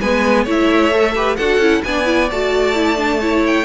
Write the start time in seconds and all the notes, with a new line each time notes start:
0.00 G#3 B3 B4 G#5
0.43 A3 E4 C#5
0.50 E5
0.91 A4
1.15 G4 B4
1.36 D4 F#4 A4 F#5
1.57 C#4 E4
1.83 B3 D4 D5 G#5
2.05 E4
2.30 A3 F#4 A5
2.74 E4
2.96 D4
3.20 E4 C#5
3.46 G5